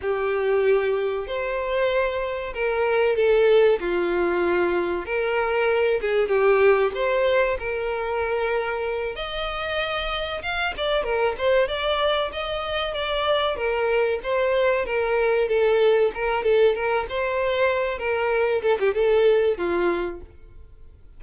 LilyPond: \new Staff \with { instrumentName = "violin" } { \time 4/4 \tempo 4 = 95 g'2 c''2 | ais'4 a'4 f'2 | ais'4. gis'8 g'4 c''4 | ais'2~ ais'8 dis''4.~ |
dis''8 f''8 d''8 ais'8 c''8 d''4 dis''8~ | dis''8 d''4 ais'4 c''4 ais'8~ | ais'8 a'4 ais'8 a'8 ais'8 c''4~ | c''8 ais'4 a'16 g'16 a'4 f'4 | }